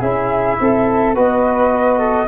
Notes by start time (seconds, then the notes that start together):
0.00 C#4 E4 G#4 E5
0.60 C4 A4
1.15 B3 F#4 B4 D#5
1.98 A4